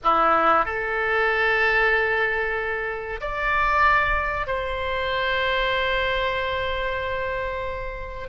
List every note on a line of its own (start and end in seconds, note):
0.03 0.65 E4
0.65 3.20 A4
3.20 4.47 D5
4.47 8.29 C5